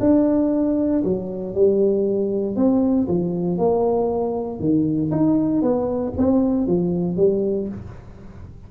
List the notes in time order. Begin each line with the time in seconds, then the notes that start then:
0.00 D4
1.04 F#3
1.54 G3
2.56 C4
3.08 F3
3.58 A#3
4.59 D#3
5.11 D#4
5.62 B3
6.17 C4
6.67 F3
7.17 G3